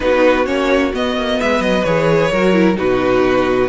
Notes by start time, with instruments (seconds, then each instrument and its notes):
0.00 cello B3, viola D#4, violin F#4 B4
0.45 cello A#3, viola C#4, violin C#5
0.93 viola B3, cello B3, violin D#5
1.16 cello A#3
1.40 cello G#3, violin B4 E5
1.60 cello F#3, violin D#5
1.83 cello E3, viola G#4, violin C#5
2.31 cello F#3, viola F#4, violin A#4
2.53 viola E4
2.74 cello B2, viola D#4, violin F#4 B4